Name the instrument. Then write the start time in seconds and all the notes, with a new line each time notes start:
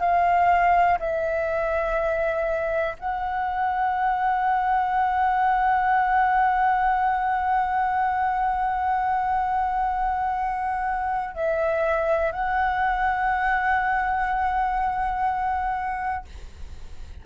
flute
0.00 F5
1.00 E5
3.00 F#5
11.35 E5
12.32 F#5